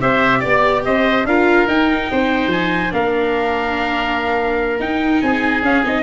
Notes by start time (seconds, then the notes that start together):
0.00 C4 G4 C5 E5
0.39 B3 D5
0.85 C4 C5 D#5
1.24 D4 F4 A#4 F5
1.67 D#4 G5
2.11 C4 C5
2.47 F3 G#5
2.90 A#3 D4 A#4 F5
4.79 D#4 G5
5.21 C4 G#4 G#5
5.62 C#4 F5
5.84 C4 D#4 D#5